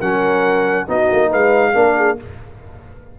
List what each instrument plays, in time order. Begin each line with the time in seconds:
0.00 tuba F#3, trombone C#4, horn A#4, trumpet F#5
0.87 tuba B3, trombone D#4, horn F#4, trumpet D#5
1.12 tuba A#3
1.29 tuba G#3, horn B4, trumpet F5
1.74 tuba A#3, trombone D4, horn A#4
1.97 horn G#4